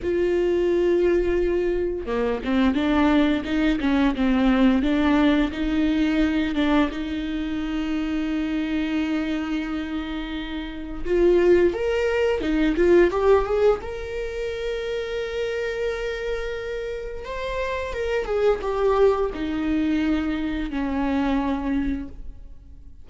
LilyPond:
\new Staff \with { instrumentName = "viola" } { \time 4/4 \tempo 4 = 87 f'2. ais8 c'8 | d'4 dis'8 cis'8 c'4 d'4 | dis'4. d'8 dis'2~ | dis'1 |
f'4 ais'4 dis'8 f'8 g'8 gis'8 | ais'1~ | ais'4 c''4 ais'8 gis'8 g'4 | dis'2 cis'2 | }